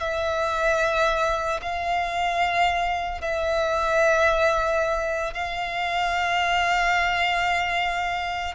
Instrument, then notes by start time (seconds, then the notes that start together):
violin
0.00 E5
1.62 F5
3.21 E5
5.34 F5